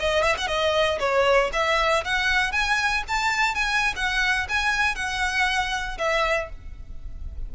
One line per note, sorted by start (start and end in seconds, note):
0.00 0.24 D#5
0.24 0.36 E5
0.38 0.48 F#5
0.48 0.99 D#5
1.00 1.51 C#5
1.53 2.04 E5
2.05 2.52 F#5
2.52 3.03 G#5
3.08 3.55 A5
3.55 3.94 G#5
3.96 4.48 F#5
4.49 4.95 G#5
4.95 5.98 F#5
5.98 6.50 E5